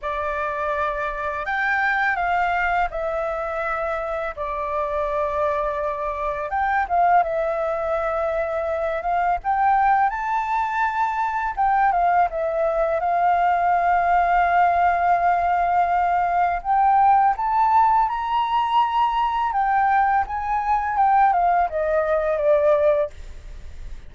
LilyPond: \new Staff \with { instrumentName = "flute" } { \time 4/4 \tempo 4 = 83 d''2 g''4 f''4 | e''2 d''2~ | d''4 g''8 f''8 e''2~ | e''8 f''8 g''4 a''2 |
g''8 f''8 e''4 f''2~ | f''2. g''4 | a''4 ais''2 g''4 | gis''4 g''8 f''8 dis''4 d''4 | }